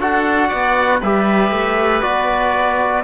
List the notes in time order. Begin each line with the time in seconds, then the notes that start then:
0.00 D4 F#4 A4 F#5
0.49 B3 D5
1.00 G3 G4 B4 E5
1.51 A3
2.02 B3 F#4 D5